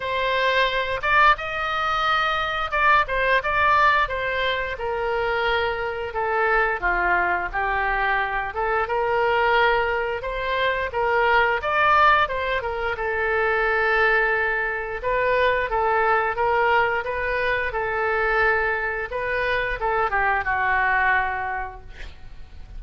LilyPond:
\new Staff \with { instrumentName = "oboe" } { \time 4/4 \tempo 4 = 88 c''4. d''8 dis''2 | d''8 c''8 d''4 c''4 ais'4~ | ais'4 a'4 f'4 g'4~ | g'8 a'8 ais'2 c''4 |
ais'4 d''4 c''8 ais'8 a'4~ | a'2 b'4 a'4 | ais'4 b'4 a'2 | b'4 a'8 g'8 fis'2 | }